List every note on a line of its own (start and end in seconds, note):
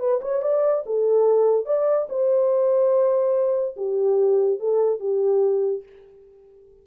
0.00 0.21 B4
0.22 0.42 C#5
0.42 0.84 D5
0.86 1.66 A4
1.66 2.08 D5
2.09 3.76 C5
3.77 4.60 G4
4.60 5.00 A4
5.00 5.83 G4